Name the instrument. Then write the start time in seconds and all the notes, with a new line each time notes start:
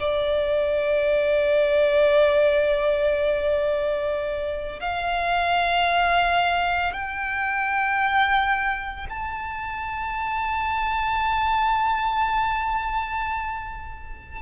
violin
0.00 D5
4.80 F5
6.93 G5
9.10 A5